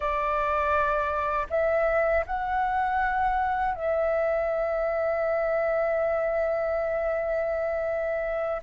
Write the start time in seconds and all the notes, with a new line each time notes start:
0.00 D5
1.50 E5
2.26 F#5
3.74 E5